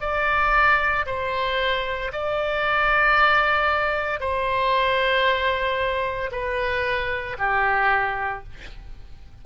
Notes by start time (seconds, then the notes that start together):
0.00 D5
1.06 C5
2.12 D5
4.20 C5
6.32 B4
7.38 G4